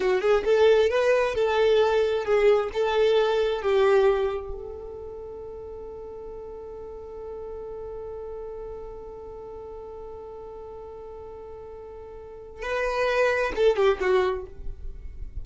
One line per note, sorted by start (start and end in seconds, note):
0.00 0.21 F#4
0.21 0.43 G#4
0.44 0.89 A4
0.89 1.34 B4
1.34 2.24 A4
2.24 2.69 G#4
2.73 3.62 A4
3.62 4.52 G4
4.52 12.62 A4
12.62 13.52 B4
13.55 13.76 A4
13.76 13.98 G4
14.00 14.45 F#4